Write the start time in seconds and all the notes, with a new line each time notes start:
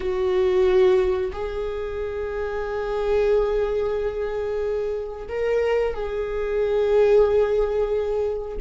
0.00 F#4
1.32 G#4
5.28 A#4
5.93 G#4